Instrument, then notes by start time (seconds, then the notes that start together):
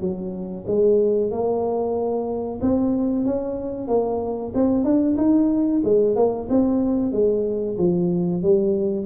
tuba
0.00 F#3
0.67 G#3
1.30 A#3
2.61 C4
3.25 C#4
3.87 A#3
4.54 C4
4.84 D4
5.17 D#4
5.84 G#3
6.16 A#3
6.49 C4
7.12 G#3
7.78 F3
8.42 G3